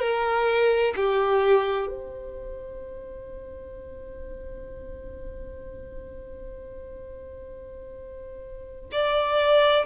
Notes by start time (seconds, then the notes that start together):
0.00 A#4
0.96 G4
1.87 C5
8.91 D5